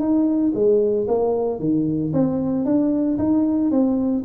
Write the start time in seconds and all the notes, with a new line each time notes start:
0.00 D#4
0.55 G#3
1.08 A#3
1.60 D#3
2.13 C4
2.65 D4
3.18 D#4
3.71 C4